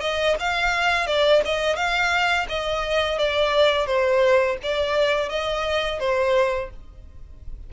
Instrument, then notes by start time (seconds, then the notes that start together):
violin
0.00 D#5
0.39 F5
1.06 D5
1.45 D#5
1.76 F5
2.48 D#5
3.18 D5
3.86 C5
4.63 D5
5.29 D#5
5.99 C5